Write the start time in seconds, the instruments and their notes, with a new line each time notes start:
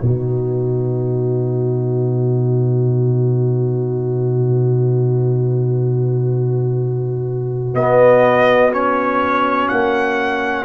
0.00 tuba B2, trombone D#4, horn F#4, trumpet B4
7.74 tuba B3, trombone B3, trumpet D#5
8.72 trombone C#4, trumpet C#5
9.68 tuba A#3, trumpet F#5